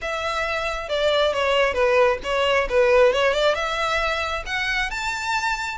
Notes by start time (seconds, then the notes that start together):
0.01 E5
0.88 D5
1.33 C#5
1.73 B4
2.23 C#5
2.69 B4
3.13 C#5
3.33 D5
3.54 E5
4.46 F#5
4.90 A5